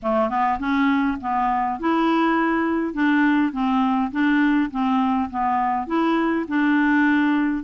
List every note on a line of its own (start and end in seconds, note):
0.02 0.29 A3
0.29 0.59 B3
0.59 1.18 C#4
1.20 1.79 B3
1.79 2.93 E4
2.93 3.52 D4
3.52 4.11 C4
4.11 4.70 D4
4.70 5.29 C4
5.30 5.86 B3
5.86 6.45 E4
6.48 7.63 D4